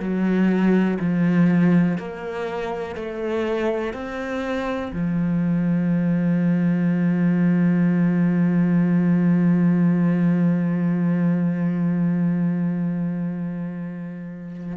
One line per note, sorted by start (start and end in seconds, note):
0.00 0.98 F#3
1.00 1.98 F3
1.98 2.96 A#3
2.96 3.93 A3
3.93 4.92 C4
4.93 14.77 F3